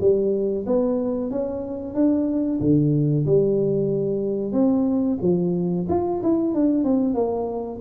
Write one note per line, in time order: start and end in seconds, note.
0.00 0.65 G3
0.66 1.30 B3
1.30 1.94 C#4
1.94 2.59 D4
2.60 3.25 D3
3.25 4.52 G3
4.52 5.17 C4
5.21 5.87 F3
5.88 6.21 F4
6.22 6.54 E4
6.54 6.84 D4
6.84 7.14 C4
7.14 7.79 A#3